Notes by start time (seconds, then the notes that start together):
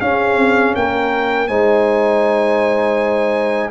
0.00 C#4 G#4 F5
0.35 C4
0.75 A#3 A#4 G5
1.47 G#3 D#4 C5 G#5